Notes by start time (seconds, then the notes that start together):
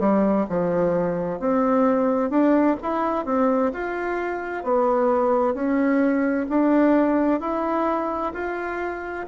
0.00 G3
0.50 F3
1.40 C4
2.30 D4
2.83 E4
3.26 C4
3.73 F4
4.64 B3
5.54 C#4
6.50 D4
7.41 E4
8.34 F4